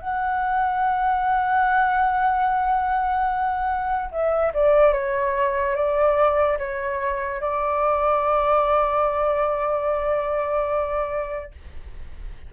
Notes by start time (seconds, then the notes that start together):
0.00 F#5
4.12 E5
4.54 D5
4.94 C#5
5.76 D5
6.59 C#5
7.41 D5